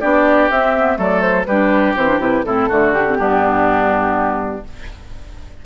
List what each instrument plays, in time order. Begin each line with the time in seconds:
0.00 bassoon B3, clarinet D4, oboe G4, flute D5
0.49 bassoon C4, clarinet C4, flute E5
0.76 clarinet B3
0.95 bassoon F#3, clarinet A3, oboe A4, flute D5
1.20 flute C5
1.45 bassoon G3, clarinet D4, oboe G4, flute B4
1.96 bassoon E3, clarinet C4, flute C5
2.08 clarinet D4
2.19 bassoon C3, clarinet E4, flute B4
2.44 bassoon A2, clarinet C4, oboe E4, flute A4
2.68 bassoon D3, clarinet A3, oboe F#4
2.93 clarinet D4, flute G4
3.07 clarinet C4
3.18 bassoon G2, clarinet B3, oboe D4